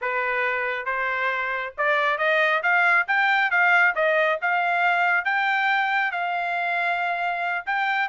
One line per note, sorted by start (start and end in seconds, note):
0.01 0.85 B4
0.85 1.73 C5
1.77 2.18 D5
2.18 2.62 D#5
2.62 3.06 F5
3.07 3.50 G5
3.50 3.94 F5
3.95 4.39 D#5
4.41 5.25 F5
5.25 6.11 G5
6.11 7.65 F5
7.65 8.08 G5